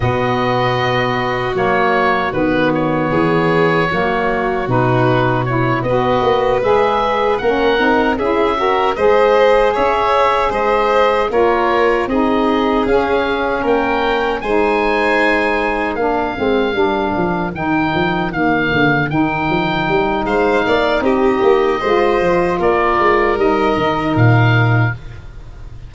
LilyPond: <<
  \new Staff \with { instrumentName = "oboe" } { \time 4/4 \tempo 4 = 77 dis''2 cis''4 b'8 cis''8~ | cis''2 b'4 cis''8 dis''8~ | dis''8 e''4 fis''4 e''4 dis''8~ | dis''8 e''4 dis''4 cis''4 dis''8~ |
dis''8 f''4 g''4 gis''4.~ | gis''8 f''2 g''4 f''8~ | f''8 g''4. f''4 dis''4~ | dis''4 d''4 dis''4 f''4 | }
  \new Staff \with { instrumentName = "violin" } { \time 4/4 fis'1 | gis'4 fis'2~ fis'8 b'8~ | b'4. ais'4 gis'8 ais'8 c''8~ | c''8 cis''4 c''4 ais'4 gis'8~ |
gis'4. ais'4 c''4.~ | c''8 ais'2.~ ais'8~ | ais'2 c''8 d''8 g'4 | c''4 ais'2. | }
  \new Staff \with { instrumentName = "saxophone" } { \time 4/4 b2 ais4 b4~ | b4 ais4 dis'4 e'8 fis'8~ | fis'8 gis'4 cis'8 dis'8 e'8 fis'8 gis'8~ | gis'2~ gis'8 f'4 dis'8~ |
dis'8 cis'2 dis'4.~ | dis'8 d'8 c'8 d'4 dis'4 ais8~ | ais8 dis'2.~ dis'8 | f'2 dis'2 | }
  \new Staff \with { instrumentName = "tuba" } { \time 4/4 b,2 fis4 dis4 | e4 fis4 b,4. b8 | ais8 gis4 ais8 c'8 cis'4 gis8~ | gis8 cis'4 gis4 ais4 c'8~ |
c'8 cis'4 ais4 gis4.~ | gis8 ais8 gis8 g8 f8 dis8 f8 dis8 | d8 dis8 f8 g8 gis8 ais8 c'8 ais8 | gis8 f8 ais8 gis8 g8 dis8 ais,4 | }
>>